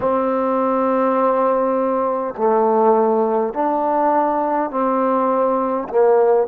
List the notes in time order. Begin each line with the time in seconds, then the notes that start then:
0.00 C4
2.37 A3
3.53 D4
4.70 C4
5.88 A#3